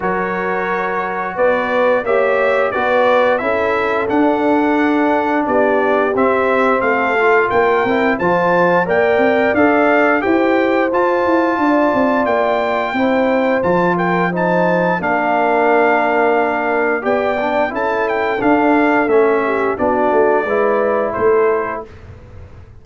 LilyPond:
<<
  \new Staff \with { instrumentName = "trumpet" } { \time 4/4 \tempo 4 = 88 cis''2 d''4 e''4 | d''4 e''4 fis''2 | d''4 e''4 f''4 g''4 | a''4 g''4 f''4 g''4 |
a''2 g''2 | a''8 g''8 a''4 f''2~ | f''4 g''4 a''8 g''8 f''4 | e''4 d''2 c''4 | }
  \new Staff \with { instrumentName = "horn" } { \time 4/4 ais'2 b'4 cis''4 | b'4 a'2. | g'2 a'4 ais'4 | c''4 d''2 c''4~ |
c''4 d''2 c''4~ | c''8 ais'8 c''4 ais'2~ | ais'4 d''4 a'2~ | a'8 g'8 fis'4 b'4 a'4 | }
  \new Staff \with { instrumentName = "trombone" } { \time 4/4 fis'2. g'4 | fis'4 e'4 d'2~ | d'4 c'4. f'4 e'8 | f'4 ais'4 a'4 g'4 |
f'2. e'4 | f'4 dis'4 d'2~ | d'4 g'8 d'8 e'4 d'4 | cis'4 d'4 e'2 | }
  \new Staff \with { instrumentName = "tuba" } { \time 4/4 fis2 b4 ais4 | b4 cis'4 d'2 | b4 c'4 a4 ais8 c'8 | f4 ais8 c'8 d'4 e'4 |
f'8 e'8 d'8 c'8 ais4 c'4 | f2 ais2~ | ais4 b4 cis'4 d'4 | a4 b8 a8 gis4 a4 | }
>>